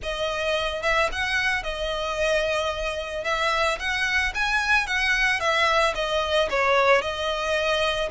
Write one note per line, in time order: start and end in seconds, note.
0.02 0.82 D#5
0.82 1.09 E5
1.12 1.63 F#5
1.63 3.24 D#5
3.24 3.78 E5
3.79 4.33 F#5
4.34 4.86 G#5
4.86 5.40 F#5
5.40 5.94 E5
5.95 6.49 D#5
6.50 7.01 C#5
7.01 8.09 D#5